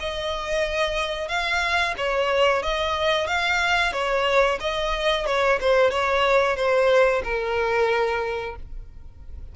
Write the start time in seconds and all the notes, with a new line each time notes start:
0.00 D#5
1.29 F5
1.98 C#5
2.63 D#5
3.28 F5
3.93 C#5
4.61 D#5
5.26 C#5
5.61 C5
5.91 C#5
6.57 C5
7.24 A#4